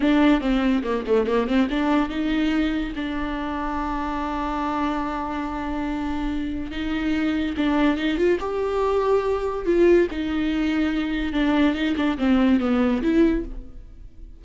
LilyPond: \new Staff \with { instrumentName = "viola" } { \time 4/4 \tempo 4 = 143 d'4 c'4 ais8 a8 ais8 c'8 | d'4 dis'2 d'4~ | d'1~ | d'1 |
dis'2 d'4 dis'8 f'8 | g'2. f'4 | dis'2. d'4 | dis'8 d'8 c'4 b4 e'4 | }